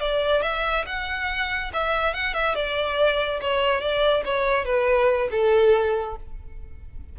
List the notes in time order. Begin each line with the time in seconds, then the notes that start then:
0.00 D5
0.42 E5
0.86 F#5
1.73 E5
2.14 F#5
2.34 E5
2.55 D5
3.41 C#5
3.81 D5
4.25 C#5
4.65 B4
5.31 A4